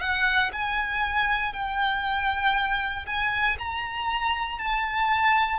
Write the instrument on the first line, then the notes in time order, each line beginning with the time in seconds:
violin
0.00 F#5
0.52 G#5
1.53 G5
3.06 G#5
3.59 A#5
4.59 A5